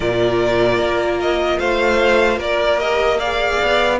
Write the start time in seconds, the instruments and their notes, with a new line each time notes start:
0.00 cello A#2, viola F4, violin A#4 D5
0.78 cello A#3
1.20 violin D#5
1.59 cello A3, violin C5 F5
2.37 cello A#3, violin A#4 D5
2.78 viola G4, violin D#5
3.18 viola G#4, violin D5 F5
3.62 cello B3